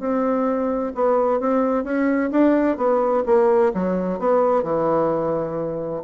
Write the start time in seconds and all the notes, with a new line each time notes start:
0.00 C4
0.95 B3
1.40 C4
1.84 C#4
2.32 D4
2.77 B3
3.26 A#3
3.74 F#3
4.19 B3
4.63 E3